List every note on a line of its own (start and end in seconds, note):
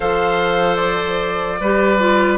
0.00 1.60 F3
0.00 1.59 A4
0.00 1.60 C5
0.00 0.75 F5
0.75 2.35 D5
1.60 2.38 G3
1.60 1.98 G4
1.60 2.38 B4
1.98 2.38 F4